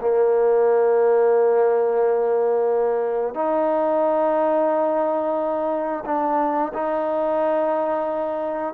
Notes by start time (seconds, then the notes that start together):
0.00 A#3
3.34 D#4
6.05 D4
6.73 D#4